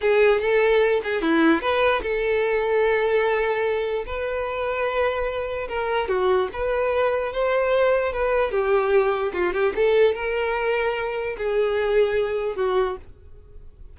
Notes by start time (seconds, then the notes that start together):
0.01 G#4
0.40 A4
1.03 G#4
1.21 E4
1.61 B4
2.02 A4
4.05 B4
5.68 A#4
6.08 F#4
6.52 B4
7.32 C5
8.13 B4
8.51 G4
9.33 F4
9.53 G4
9.75 A4
10.14 A#4
11.37 G#4
12.56 F#4